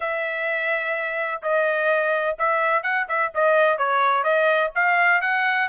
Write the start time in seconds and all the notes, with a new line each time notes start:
0.00 E5
1.42 D#5
2.38 E5
2.82 F#5
3.08 E5
3.34 D#5
3.78 C#5
4.23 D#5
4.75 F5
5.21 F#5